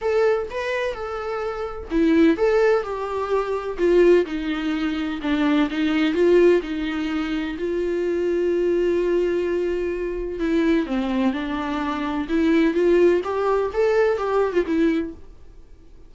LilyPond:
\new Staff \with { instrumentName = "viola" } { \time 4/4 \tempo 4 = 127 a'4 b'4 a'2 | e'4 a'4 g'2 | f'4 dis'2 d'4 | dis'4 f'4 dis'2 |
f'1~ | f'2 e'4 c'4 | d'2 e'4 f'4 | g'4 a'4 g'8. f'16 e'4 | }